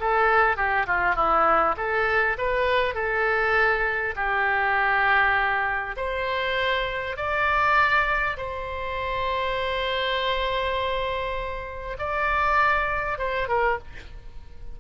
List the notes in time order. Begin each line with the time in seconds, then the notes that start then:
0.00 A4
0.56 G4
0.86 F4
1.15 E4
1.77 A4
2.38 B4
2.95 A4
4.16 G4
5.96 C5
7.16 D5
8.37 C5
11.99 D5
13.18 C5
13.48 A#4